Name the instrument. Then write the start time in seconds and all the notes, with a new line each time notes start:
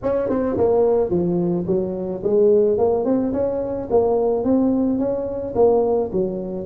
tuba
0.03 C#4
0.29 C4
0.57 A#3
1.10 F3
1.66 F#3
2.23 G#3
2.78 A#3
3.04 C4
3.33 C#4
3.90 A#3
4.44 C4
4.98 C#4
5.55 A#3
6.12 F#3